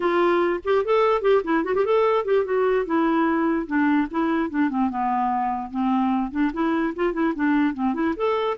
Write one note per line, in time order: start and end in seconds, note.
0.00 0.60 F4
0.64 0.84 G4
0.84 1.21 A4
1.21 1.42 G4
1.44 1.64 E4
1.64 1.74 F#4
1.74 1.85 G4
1.85 2.24 A4
2.24 2.44 G4
2.44 2.85 F#4
2.85 3.66 E4
3.66 4.07 D4
4.10 4.50 E4
4.50 4.69 D4
4.69 4.89 C4
4.90 5.70 B3
5.70 6.31 C4
6.31 6.51 D4
6.53 6.94 E4
6.95 7.13 F4
7.13 7.33 E4
7.35 7.74 D4
7.74 7.94 C4
7.94 8.14 E4
8.16 8.57 A4